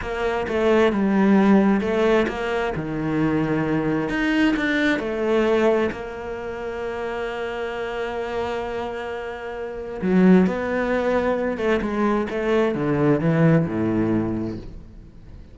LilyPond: \new Staff \with { instrumentName = "cello" } { \time 4/4 \tempo 4 = 132 ais4 a4 g2 | a4 ais4 dis2~ | dis4 dis'4 d'4 a4~ | a4 ais2.~ |
ais1~ | ais2 fis4 b4~ | b4. a8 gis4 a4 | d4 e4 a,2 | }